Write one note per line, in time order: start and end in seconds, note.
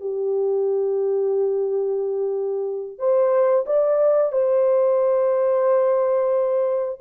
0.00 2.98 G4
2.98 3.65 C5
3.66 4.32 D5
4.32 6.98 C5